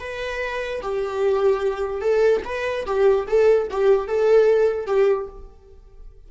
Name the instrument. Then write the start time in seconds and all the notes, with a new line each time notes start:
viola
0.00 B4
0.82 G4
2.01 A4
2.45 B4
2.86 G4
3.27 A4
3.71 G4
4.08 A4
4.86 G4